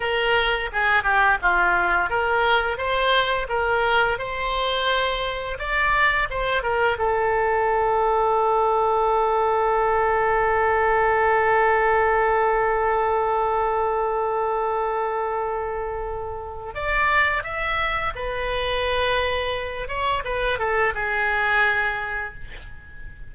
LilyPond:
\new Staff \with { instrumentName = "oboe" } { \time 4/4 \tempo 4 = 86 ais'4 gis'8 g'8 f'4 ais'4 | c''4 ais'4 c''2 | d''4 c''8 ais'8 a'2~ | a'1~ |
a'1~ | a'1 | d''4 e''4 b'2~ | b'8 cis''8 b'8 a'8 gis'2 | }